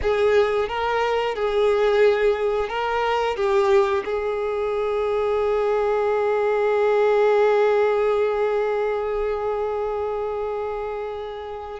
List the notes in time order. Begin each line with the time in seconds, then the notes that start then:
0.02 G#4
0.68 A#4
1.35 G#4
2.68 A#4
3.36 G4
4.04 G#4